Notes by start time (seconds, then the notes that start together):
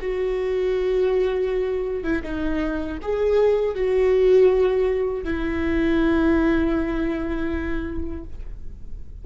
0.00 F#4
2.03 E4
2.22 D#4
3.02 G#4
3.74 F#4
5.24 E4